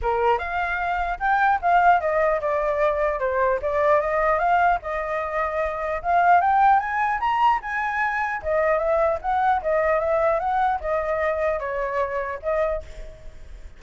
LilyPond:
\new Staff \with { instrumentName = "flute" } { \time 4/4 \tempo 4 = 150 ais'4 f''2 g''4 | f''4 dis''4 d''2 | c''4 d''4 dis''4 f''4 | dis''2. f''4 |
g''4 gis''4 ais''4 gis''4~ | gis''4 dis''4 e''4 fis''4 | dis''4 e''4 fis''4 dis''4~ | dis''4 cis''2 dis''4 | }